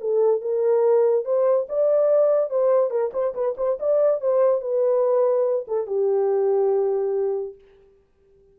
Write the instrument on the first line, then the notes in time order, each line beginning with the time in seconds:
horn
0.00 A4
0.41 A#4
1.25 C5
1.68 D5
2.49 C5
2.90 A#4
3.13 C5
3.34 B4
3.57 C5
3.79 D5
4.20 C5
4.61 B4
5.67 A4
5.87 G4